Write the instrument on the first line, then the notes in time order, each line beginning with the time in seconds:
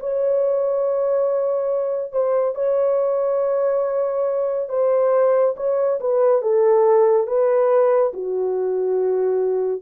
horn
0.00 C#5
2.12 C5
2.55 C#5
4.69 C5
5.57 C#5
6.00 B4
6.42 A4
7.27 B4
8.14 F#4